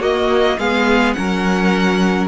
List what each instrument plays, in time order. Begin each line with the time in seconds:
0.00 cello A#3, viola A#3, violin F#4 D#5
0.59 cello G#3, viola B3, violin G#4 F5
1.14 cello F#3, viola C#4, violin A#4 F#5